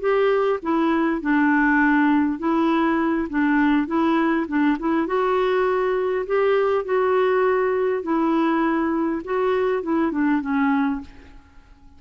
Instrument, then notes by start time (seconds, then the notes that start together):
clarinet
0.00 G4
0.62 E4
1.21 D4
2.39 E4
3.30 D4
3.87 E4
4.48 D4
4.79 E4
5.07 F#4
6.26 G4
6.85 F#4
8.03 E4
9.25 F#4
9.83 E4
10.12 D4
10.41 C#4